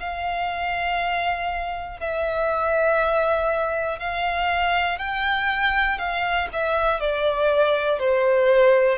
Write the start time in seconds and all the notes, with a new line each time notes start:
0.00 F5
2.00 E5
3.99 F5
4.99 G5
5.99 F5
6.53 E5
7.00 D5
8.00 C5